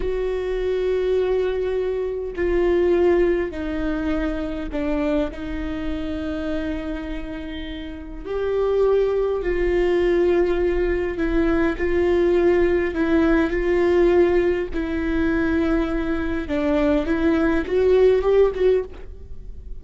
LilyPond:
\new Staff \with { instrumentName = "viola" } { \time 4/4 \tempo 4 = 102 fis'1 | f'2 dis'2 | d'4 dis'2.~ | dis'2 g'2 |
f'2. e'4 | f'2 e'4 f'4~ | f'4 e'2. | d'4 e'4 fis'4 g'8 fis'8 | }